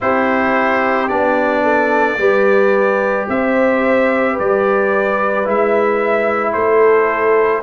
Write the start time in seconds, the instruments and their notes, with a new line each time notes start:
0.00 tuba C4, trombone E4, horn G4, trumpet C5
1.08 tuba B3, trombone D4, trumpet D5
1.62 horn A4
2.17 tuba G3, trombone G4, horn B4
3.28 tuba C4, horn C5, trumpet E5
4.33 horn B4
4.39 tuba G3, trumpet D5
5.44 tuba G#3, trombone E4, trumpet E5
6.52 tuba A3, horn A4, trumpet C5